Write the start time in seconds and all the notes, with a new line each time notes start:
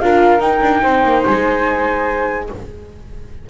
0.00 D4 F4 A#4 F5
0.39 D#4 G5
0.62 D4
0.83 C4 C5
1.04 A#3
1.26 G#3 G#5